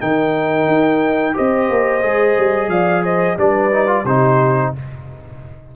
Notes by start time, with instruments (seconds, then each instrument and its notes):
0.00 tuba D#3, trombone D#4, horn A#4, trumpet G5
0.67 tuba D#4
1.34 tuba C4, trombone G4, horn C5, trumpet D#5
1.70 tuba A#3
2.02 tuba G#3, trombone G#4
2.38 tuba G3
2.69 tuba F3, horn D5, trumpet F5
3.04 horn C5, trumpet D#5
3.37 tuba G3, trombone D4, horn B4, trumpet D5
3.72 trombone D#4
3.87 trombone F4
4.04 tuba C3, trombone D#4, horn G4, trumpet C5